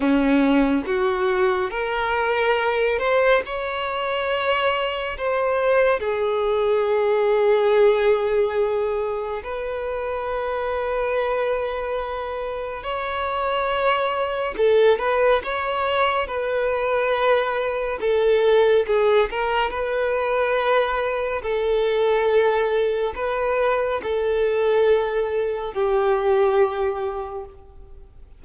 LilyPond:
\new Staff \with { instrumentName = "violin" } { \time 4/4 \tempo 4 = 70 cis'4 fis'4 ais'4. c''8 | cis''2 c''4 gis'4~ | gis'2. b'4~ | b'2. cis''4~ |
cis''4 a'8 b'8 cis''4 b'4~ | b'4 a'4 gis'8 ais'8 b'4~ | b'4 a'2 b'4 | a'2 g'2 | }